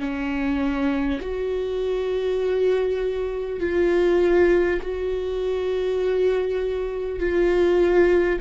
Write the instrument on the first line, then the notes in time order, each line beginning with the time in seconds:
viola
0.00 C#4
1.21 F#4
3.61 F4
4.82 F#4
7.19 F4